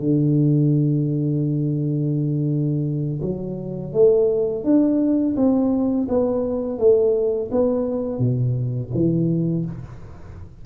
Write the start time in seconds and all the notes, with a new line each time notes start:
0.00 D3
3.22 F#3
3.94 A3
4.65 D4
5.37 C4
6.09 B3
6.79 A3
7.52 B3
8.19 B2
8.94 E3